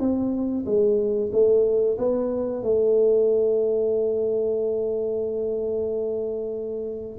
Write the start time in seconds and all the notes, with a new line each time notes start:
0.00 C4
0.66 G#3
1.33 A3
1.98 B3
2.63 A3